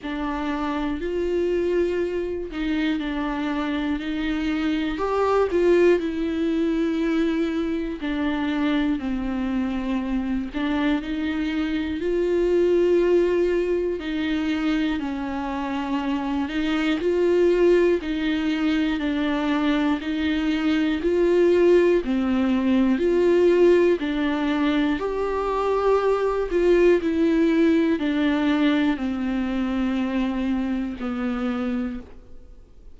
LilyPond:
\new Staff \with { instrumentName = "viola" } { \time 4/4 \tempo 4 = 60 d'4 f'4. dis'8 d'4 | dis'4 g'8 f'8 e'2 | d'4 c'4. d'8 dis'4 | f'2 dis'4 cis'4~ |
cis'8 dis'8 f'4 dis'4 d'4 | dis'4 f'4 c'4 f'4 | d'4 g'4. f'8 e'4 | d'4 c'2 b4 | }